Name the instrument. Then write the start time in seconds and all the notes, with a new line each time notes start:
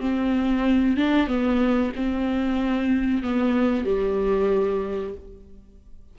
viola
0.00 C4
0.97 D4
1.27 B3
1.95 C4
3.23 B3
3.84 G3